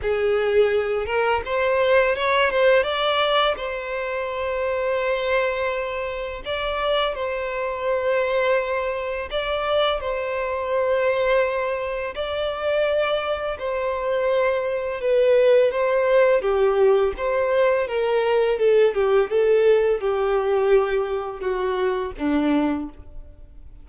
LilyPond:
\new Staff \with { instrumentName = "violin" } { \time 4/4 \tempo 4 = 84 gis'4. ais'8 c''4 cis''8 c''8 | d''4 c''2.~ | c''4 d''4 c''2~ | c''4 d''4 c''2~ |
c''4 d''2 c''4~ | c''4 b'4 c''4 g'4 | c''4 ais'4 a'8 g'8 a'4 | g'2 fis'4 d'4 | }